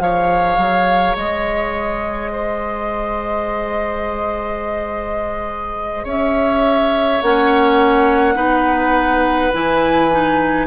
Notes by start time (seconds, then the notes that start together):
0.00 F3 G#4 C#5 F5
0.57 F#3
1.16 G#3 D#5
2.32 C5
6.04 C#4 C#5 E5
7.22 A#3 C#4 F#5
8.35 B3 D#4 B4
9.53 E3 E4 G#5
10.12 D#4